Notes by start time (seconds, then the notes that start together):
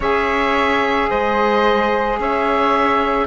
0.00 C#4 G#4 C#5 E5
1.09 G#3 C5 D#5
2.19 C#4 C#5 E5